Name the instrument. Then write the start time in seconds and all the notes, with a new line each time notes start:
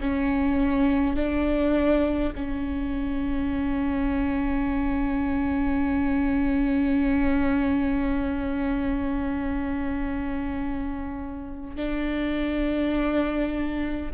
viola
0.00 C#4
1.16 D4
2.35 C#4
11.76 D4